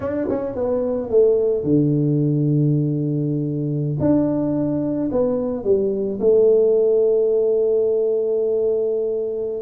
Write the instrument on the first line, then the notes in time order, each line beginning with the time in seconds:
tuba
0.00 D4
0.29 C#4
0.55 B3
1.10 A3
1.63 D3
3.99 D4
5.11 B3
5.64 G3
6.20 A3